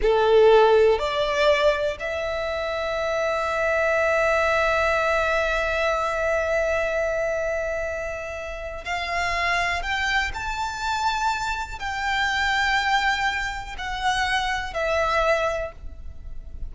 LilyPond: \new Staff \with { instrumentName = "violin" } { \time 4/4 \tempo 4 = 122 a'2 d''2 | e''1~ | e''1~ | e''1~ |
e''2 f''2 | g''4 a''2. | g''1 | fis''2 e''2 | }